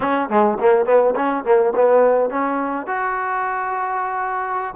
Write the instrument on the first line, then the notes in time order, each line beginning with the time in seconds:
trombone
0.00 C#4
0.29 G#3
0.60 A#3
0.85 B3
1.15 C#4
1.44 A#3
1.75 B3
2.30 C#4
2.87 F#4